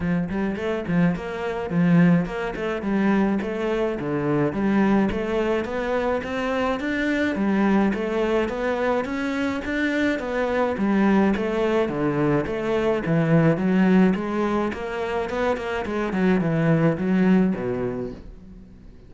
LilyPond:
\new Staff \with { instrumentName = "cello" } { \time 4/4 \tempo 4 = 106 f8 g8 a8 f8 ais4 f4 | ais8 a8 g4 a4 d4 | g4 a4 b4 c'4 | d'4 g4 a4 b4 |
cis'4 d'4 b4 g4 | a4 d4 a4 e4 | fis4 gis4 ais4 b8 ais8 | gis8 fis8 e4 fis4 b,4 | }